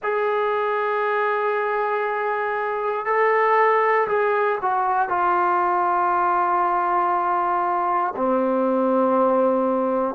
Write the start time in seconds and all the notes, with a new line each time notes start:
0.02 G#4
3.05 A4
4.07 G#4
4.61 F#4
5.08 F4
8.16 C4